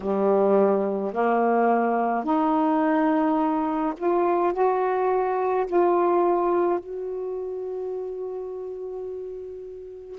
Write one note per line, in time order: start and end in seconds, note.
0.00 1.13 G3
1.13 2.24 A#3
2.24 3.93 D#4
3.97 4.53 F4
4.53 5.66 F#4
5.66 6.79 F4
6.79 10.19 F#4